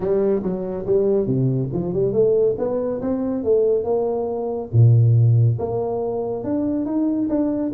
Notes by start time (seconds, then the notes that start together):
0.00 G3
0.42 F#3
0.86 G3
1.26 C3
1.73 F3
1.93 G3
2.12 A3
2.58 B3
3.01 C4
3.43 A3
3.84 A#3
4.72 A#2
5.58 A#3
6.44 D4
6.85 D#4
7.29 D4